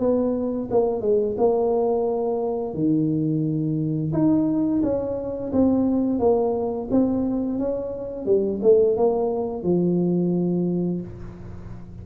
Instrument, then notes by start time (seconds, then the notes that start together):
tuba
0.00 B3
0.71 A#3
1.01 G#3
1.38 A#3
2.74 D#3
4.13 D#4
4.83 C#4
5.52 C4
6.19 A#3
6.91 C4
7.59 C#4
8.26 G3
8.63 A3
8.97 A#3
9.63 F3